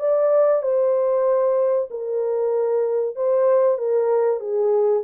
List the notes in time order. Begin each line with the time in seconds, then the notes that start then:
0.00 D5
0.63 C5
1.91 A#4
3.16 C5
3.78 A#4
4.40 G#4